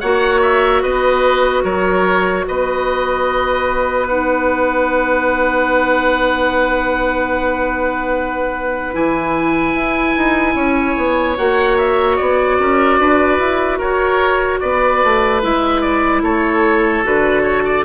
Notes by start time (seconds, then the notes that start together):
0.00 A#3 F#4 C#5 F#5
0.42 E5
0.82 B3 B4 D#5
1.64 F#3 A#4 C#5
2.47 B3 B4 D#5
4.08 D#4 F#5
8.93 E3 E4 G#5
9.74 E4
10.17 D#4
10.55 C#4 C#5
10.97 B3
11.37 A#3 F#4 F#5
11.78 E5
12.16 B3 D5
12.59 C#4 A#4
12.99 D4 B4
13.39 E4
13.78 F#4 A#4 C#5
14.60 B3 B4 D5
15.04 A3
15.42 G#3 E4 E5
15.81 D5
16.22 A3 A4 C#5
17.03 D3 F#4 B4
17.42 C#5
17.65 D5